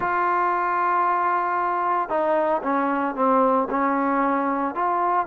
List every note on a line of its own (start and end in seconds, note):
0.00 2.09 F4
2.09 2.61 D#4
2.62 3.15 C#4
3.15 3.67 C4
3.70 4.74 C#4
4.74 5.26 F4